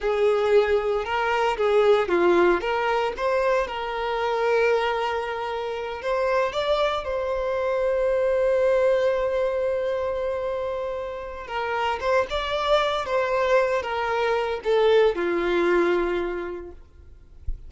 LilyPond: \new Staff \with { instrumentName = "violin" } { \time 4/4 \tempo 4 = 115 gis'2 ais'4 gis'4 | f'4 ais'4 c''4 ais'4~ | ais'2.~ ais'8 c''8~ | c''8 d''4 c''2~ c''8~ |
c''1~ | c''2 ais'4 c''8 d''8~ | d''4 c''4. ais'4. | a'4 f'2. | }